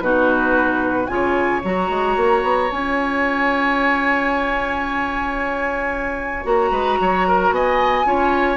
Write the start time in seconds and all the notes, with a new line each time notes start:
0.00 B2 D#4 F#4 B4
1.07 C#3 F4 G#5
1.14 C#5
1.64 F#3 F#4 A#5
1.90 G#3
2.16 A#3
2.43 B3
2.69 C#4 F4 G#5
6.44 A#3 F#4 A#5
6.71 G#3 B4
7.00 F#3 C#5
7.28 A#4
7.50 B3 D#5 G#5
8.06 C#4 F4 C#5